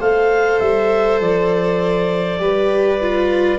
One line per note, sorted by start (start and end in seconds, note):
0.00 0.60 A3
0.00 2.39 A4
0.00 2.41 C5
0.00 0.60 F5
0.60 1.21 G3
0.60 1.20 E5
1.21 2.41 F3
1.21 3.60 D5
2.39 3.60 G3
2.39 2.99 G4
2.39 3.60 B4
3.02 3.60 F4